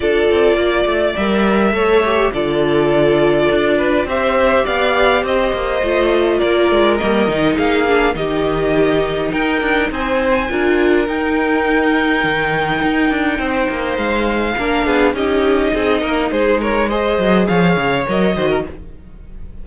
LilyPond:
<<
  \new Staff \with { instrumentName = "violin" } { \time 4/4 \tempo 4 = 103 d''2 e''2 | d''2. e''4 | f''4 dis''2 d''4 | dis''4 f''4 dis''2 |
g''4 gis''2 g''4~ | g''1 | f''2 dis''2 | c''8 cis''8 dis''4 f''4 dis''4 | }
  \new Staff \with { instrumentName = "violin" } { \time 4/4 a'4 d''2 cis''4 | a'2~ a'8 b'8 c''4 | d''4 c''2 ais'4~ | ais'4 gis'4 g'2 |
ais'4 c''4 ais'2~ | ais'2. c''4~ | c''4 ais'8 gis'8 g'4 gis'8 ais'8 | gis'8 ais'8 c''4 cis''4. c''16 ais'16 | }
  \new Staff \with { instrumentName = "viola" } { \time 4/4 f'2 ais'4 a'8 g'8 | f'2. g'4~ | g'2 f'2 | ais8 dis'4 d'8 dis'2~ |
dis'2 f'4 dis'4~ | dis'1~ | dis'4 d'4 dis'2~ | dis'4 gis'2 ais'8 fis'8 | }
  \new Staff \with { instrumentName = "cello" } { \time 4/4 d'8 c'8 ais8 a8 g4 a4 | d2 d'4 c'4 | b4 c'8 ais8 a4 ais8 gis8 | g8 dis8 ais4 dis2 |
dis'8 d'8 c'4 d'4 dis'4~ | dis'4 dis4 dis'8 d'8 c'8 ais8 | gis4 ais8 b8 cis'4 c'8 ais8 | gis4. fis8 f8 cis8 fis8 dis8 | }
>>